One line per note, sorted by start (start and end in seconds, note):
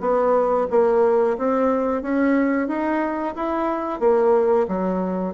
0.00 0.67 B3
0.70 1.37 A#3
1.37 2.02 C4
2.02 2.68 C#4
2.68 3.34 D#4
3.35 4.00 E4
4.00 4.66 A#3
4.68 5.34 F#3